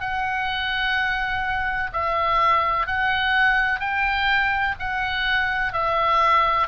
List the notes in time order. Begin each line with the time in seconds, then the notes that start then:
0.00 F#5
1.92 E5
2.87 F#5
3.80 G5
4.79 F#5
5.72 E5